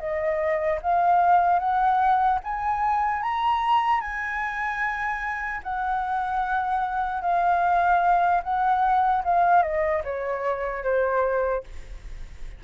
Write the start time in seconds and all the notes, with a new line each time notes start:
0.00 D#5
0.83 F5
1.60 F#5
2.44 G#5
3.23 A#5
4.01 G#5
5.64 F#5
7.22 F5
8.44 F#5
9.24 F5
9.63 D#5
10.04 C#5
10.84 C5